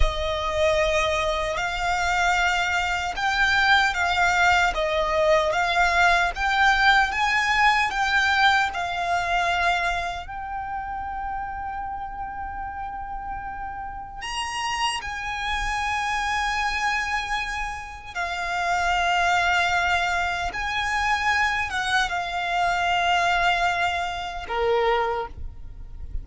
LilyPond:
\new Staff \with { instrumentName = "violin" } { \time 4/4 \tempo 4 = 76 dis''2 f''2 | g''4 f''4 dis''4 f''4 | g''4 gis''4 g''4 f''4~ | f''4 g''2.~ |
g''2 ais''4 gis''4~ | gis''2. f''4~ | f''2 gis''4. fis''8 | f''2. ais'4 | }